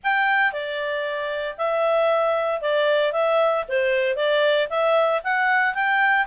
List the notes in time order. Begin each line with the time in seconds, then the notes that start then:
0.03 G5
0.52 D5
1.57 E5
2.61 D5
3.12 E5
3.68 C5
4.15 D5
4.69 E5
5.23 F#5
5.74 G5